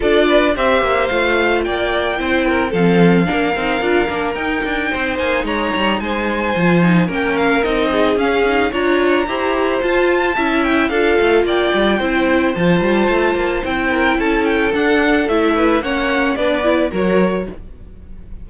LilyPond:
<<
  \new Staff \with { instrumentName = "violin" } { \time 4/4 \tempo 4 = 110 d''4 e''4 f''4 g''4~ | g''4 f''2. | g''4. gis''8 ais''4 gis''4~ | gis''4 g''8 f''8 dis''4 f''4 |
ais''2 a''4. g''8 | f''4 g''2 a''4~ | a''4 g''4 a''8 g''8 fis''4 | e''4 fis''4 d''4 cis''4 | }
  \new Staff \with { instrumentName = "violin" } { \time 4/4 a'8 b'8 c''2 d''4 | c''8 ais'8 a'4 ais'2~ | ais'4 c''4 cis''4 c''4~ | c''4 ais'4. gis'4. |
cis''4 c''2 e''4 | a'4 d''4 c''2~ | c''4. ais'8 a'2~ | a'8 b'8 cis''4 b'4 ais'4 | }
  \new Staff \with { instrumentName = "viola" } { \time 4/4 f'4 g'4 f'2 | e'4 c'4 d'8 dis'8 f'8 d'8 | dis'1 | f'8 dis'8 cis'4 dis'4 cis'8 dis'8 |
f'4 g'4 f'4 e'4 | f'2 e'4 f'4~ | f'4 e'2 d'4 | e'4 cis'4 d'8 e'8 fis'4 | }
  \new Staff \with { instrumentName = "cello" } { \time 4/4 d'4 c'8 ais8 a4 ais4 | c'4 f4 ais8 c'8 d'8 ais8 | dis'8 d'8 c'8 ais8 gis8 g8 gis4 | f4 ais4 c'4 cis'4 |
d'4 e'4 f'4 cis'4 | d'8 a8 ais8 g8 c'4 f8 g8 | a8 ais8 c'4 cis'4 d'4 | a4 ais4 b4 fis4 | }
>>